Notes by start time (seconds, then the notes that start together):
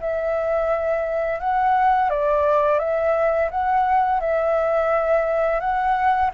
0.00 E5
1.39 F#5
2.09 D5
2.79 E5
3.50 F#5
4.20 E5
5.60 F#5